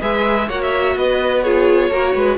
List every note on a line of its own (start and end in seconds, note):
0.00 0.49 G#3
0.00 0.48 G#4
0.00 0.48 B4
0.00 0.49 E5
0.48 0.96 A#3
0.48 1.45 F#4
0.48 0.95 C#5
0.48 0.61 F#5
0.62 0.97 E5
0.96 1.91 B3
0.96 1.44 B4
0.96 1.42 D#5
1.42 1.92 F4
1.42 1.90 G#4
1.42 2.38 C#5
1.90 2.14 A#3
1.90 2.38 F#4
1.90 2.14 A#4
2.14 2.38 G#3
2.14 2.38 B4